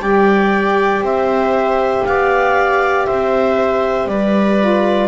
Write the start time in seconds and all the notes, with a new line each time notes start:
0.00 G3 G4 D5 G5
1.01 C4 C5 E5
2.06 B3 D5 F5
3.06 C4 C5 E5
4.07 G3 B4 D5
4.60 F4